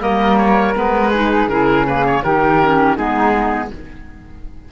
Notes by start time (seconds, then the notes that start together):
0.00 G3 A#3 A#4 D#5
0.38 C#5
0.76 G#3 B3 B4
1.11 D#4 G#4
1.48 C#3 E4 A#4
1.87 A#3 B4
2.07 C#5
2.23 D#3 D#4 G4 A#4
2.62 C#4
2.97 G#3 B3 D#4 G#4